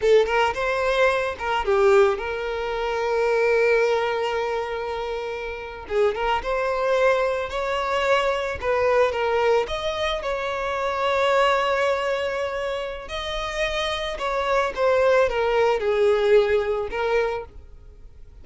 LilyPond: \new Staff \with { instrumentName = "violin" } { \time 4/4 \tempo 4 = 110 a'8 ais'8 c''4. ais'8 g'4 | ais'1~ | ais'2~ ais'8. gis'8 ais'8 c''16~ | c''4.~ c''16 cis''2 b'16~ |
b'8. ais'4 dis''4 cis''4~ cis''16~ | cis''1 | dis''2 cis''4 c''4 | ais'4 gis'2 ais'4 | }